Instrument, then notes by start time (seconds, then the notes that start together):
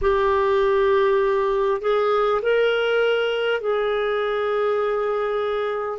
clarinet
0.01 G4
1.81 G#4
2.42 A#4
3.61 G#4